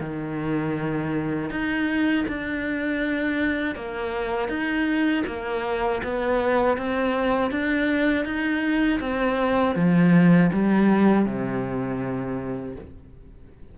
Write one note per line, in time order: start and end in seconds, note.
0.00 1.50 D#3
1.50 2.25 D#4
2.27 3.75 D4
3.75 4.48 A#3
4.48 5.23 D#4
5.26 6.01 A#3
6.03 6.77 B3
6.77 7.51 C4
7.51 8.25 D4
8.25 9.00 D#4
9.00 9.75 C4
9.75 10.50 F3
10.52 11.25 G3
11.25 12.75 C3